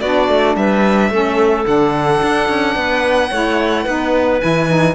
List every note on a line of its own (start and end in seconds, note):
0.00 0.29 B3
0.00 1.11 D4
0.00 0.55 F#4
0.00 0.56 D5
0.29 0.56 A3
0.56 1.10 G3
0.56 1.12 B4
0.56 1.66 E5
1.10 1.65 A3
1.10 1.65 C#4
1.10 2.76 A4
1.65 2.22 D3
1.65 3.30 D4
1.65 4.41 F#5
2.22 2.49 D4
2.49 2.76 C#4
2.76 3.31 B3
2.76 3.31 B4
3.31 3.86 A3
3.31 3.87 E4
3.31 3.84 C#5
3.84 4.42 B3
3.84 4.41 D#4
3.84 4.94 B4
4.41 4.95 E3
4.41 4.68 E4
4.41 4.95 G#5
4.68 4.95 D#4